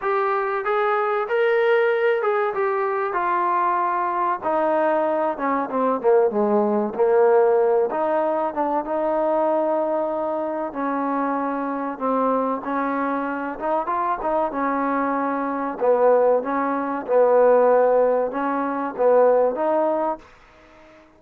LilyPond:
\new Staff \with { instrumentName = "trombone" } { \time 4/4 \tempo 4 = 95 g'4 gis'4 ais'4. gis'8 | g'4 f'2 dis'4~ | dis'8 cis'8 c'8 ais8 gis4 ais4~ | ais8 dis'4 d'8 dis'2~ |
dis'4 cis'2 c'4 | cis'4. dis'8 f'8 dis'8 cis'4~ | cis'4 b4 cis'4 b4~ | b4 cis'4 b4 dis'4 | }